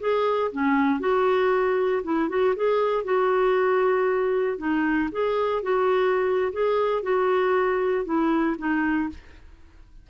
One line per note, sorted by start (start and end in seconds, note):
0.00 0.51 G#4
0.52 1.00 C#4
1.00 2.02 F#4
2.03 2.29 E4
2.29 2.55 F#4
2.56 3.04 G#4
3.04 4.58 F#4
4.58 5.09 D#4
5.12 5.62 G#4
5.62 6.52 F#4
6.53 7.03 G#4
7.03 8.05 F#4
8.05 8.56 E4
8.58 9.10 D#4